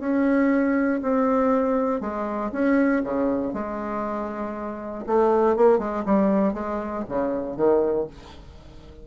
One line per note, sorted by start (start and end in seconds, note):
0.00 1.01 C#4
1.02 2.01 C4
2.01 2.51 G#3
2.52 3.03 C#4
3.04 3.54 C#3
3.54 5.05 G#3
5.07 5.56 A3
5.56 5.79 A#3
5.79 6.04 G#3
6.06 6.54 G3
6.54 7.04 G#3
7.09 7.57 C#3
7.57 8.07 D#3